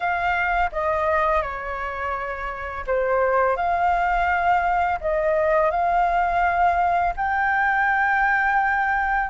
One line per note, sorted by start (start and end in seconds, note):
0.00 0.70 F5
0.71 1.42 D#5
1.42 2.84 C#5
2.86 3.56 C5
3.56 4.99 F5
5.00 5.70 D#5
5.70 7.13 F5
7.16 9.29 G5